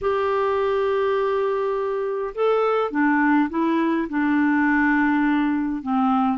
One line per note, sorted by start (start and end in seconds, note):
0.01 2.34 G4
2.34 2.90 A4
2.90 3.49 D4
3.49 4.08 E4
4.09 5.82 D4
5.82 6.38 C4